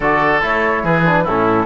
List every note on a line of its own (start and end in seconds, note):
0.00 0.41 D3
0.00 0.41 F#4
0.00 0.82 A4
0.00 0.42 D5
0.41 0.83 A3
0.41 1.04 E4
0.41 0.85 C#5
0.83 1.25 E3
0.83 1.24 G#4
0.83 1.27 B4
1.06 1.26 D4
1.24 1.66 A2
1.24 1.66 C#4
1.24 1.66 E4
1.24 1.66 A4